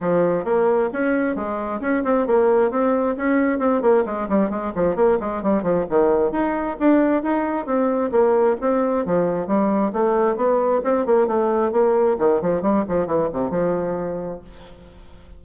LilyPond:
\new Staff \with { instrumentName = "bassoon" } { \time 4/4 \tempo 4 = 133 f4 ais4 cis'4 gis4 | cis'8 c'8 ais4 c'4 cis'4 | c'8 ais8 gis8 g8 gis8 f8 ais8 gis8 | g8 f8 dis4 dis'4 d'4 |
dis'4 c'4 ais4 c'4 | f4 g4 a4 b4 | c'8 ais8 a4 ais4 dis8 f8 | g8 f8 e8 c8 f2 | }